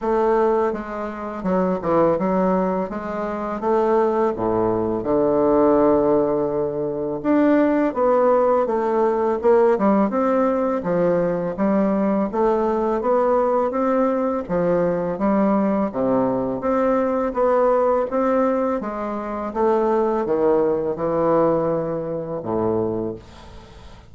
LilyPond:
\new Staff \with { instrumentName = "bassoon" } { \time 4/4 \tempo 4 = 83 a4 gis4 fis8 e8 fis4 | gis4 a4 a,4 d4~ | d2 d'4 b4 | a4 ais8 g8 c'4 f4 |
g4 a4 b4 c'4 | f4 g4 c4 c'4 | b4 c'4 gis4 a4 | dis4 e2 a,4 | }